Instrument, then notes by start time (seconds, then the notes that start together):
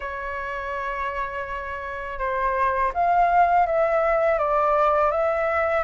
flute
0.00 C#5
2.19 C5
2.94 F5
3.66 E5
4.38 D5
5.11 E5